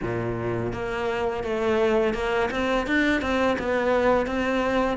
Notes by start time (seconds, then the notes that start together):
0.02 A#2
0.72 A#3
1.43 A3
2.14 A#3
2.51 C4
2.86 D4
3.21 C4
3.58 B3
4.26 C4